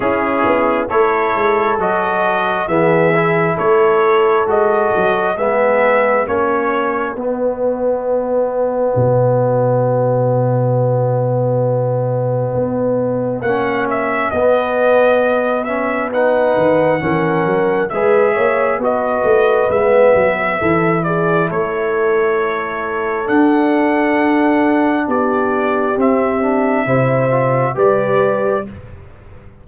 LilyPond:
<<
  \new Staff \with { instrumentName = "trumpet" } { \time 4/4 \tempo 4 = 67 gis'4 cis''4 dis''4 e''4 | cis''4 dis''4 e''4 cis''4 | dis''1~ | dis''2. fis''8 e''8 |
dis''4. e''8 fis''2 | e''4 dis''4 e''4. d''8 | cis''2 fis''2 | d''4 e''2 d''4 | }
  \new Staff \with { instrumentName = "horn" } { \time 4/4 e'4 a'2 gis'4 | a'2 gis'4 fis'4~ | fis'1~ | fis'1~ |
fis'2 b'4 ais'4 | b'8 cis''8 b'2 a'8 gis'8 | a'1 | g'2 c''4 b'4 | }
  \new Staff \with { instrumentName = "trombone" } { \time 4/4 cis'4 e'4 fis'4 b8 e'8~ | e'4 fis'4 b4 cis'4 | b1~ | b2. cis'4 |
b4. cis'8 dis'4 cis'4 | gis'4 fis'4 b4 e'4~ | e'2 d'2~ | d'4 c'8 d'8 e'8 f'8 g'4 | }
  \new Staff \with { instrumentName = "tuba" } { \time 4/4 cis'8 b8 a8 gis8 fis4 e4 | a4 gis8 fis8 gis4 ais4 | b2 b,2~ | b,2 b4 ais4 |
b2~ b8 dis8 e8 fis8 | gis8 ais8 b8 a8 gis8 fis8 e4 | a2 d'2 | b4 c'4 c4 g4 | }
>>